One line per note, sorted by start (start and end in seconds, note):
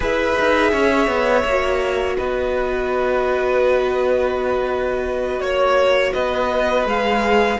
0.00 0.33 E4
0.00 1.44 G#4
0.00 0.70 B4
0.00 2.16 E5
0.39 0.72 D#4
0.71 1.07 C#4
0.71 2.16 C#5
1.07 1.43 B3
1.44 2.17 A#3
1.44 6.87 F#4
2.16 5.40 B3
2.16 5.42 B4
2.16 5.40 D#5
5.40 6.12 A#3
5.40 6.12 C#5
5.40 6.13 C#5
6.13 6.85 B3
6.13 7.58 B4
6.13 6.85 D#5
6.85 7.58 G#3
6.85 7.59 G#4
6.85 7.59 F5